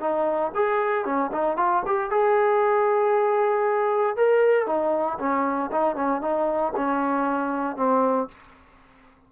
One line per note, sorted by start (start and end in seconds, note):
0.00 0.52 D#4
0.55 1.05 G#4
1.05 1.31 C#4
1.32 1.57 D#4
1.57 1.83 F4
1.86 2.10 G4
2.10 4.16 G#4
4.16 4.66 A#4
4.66 5.18 D#4
5.19 5.70 C#4
5.72 5.96 D#4
5.96 6.21 C#4
6.21 6.73 D#4
6.76 7.76 C#4
7.76 8.28 C4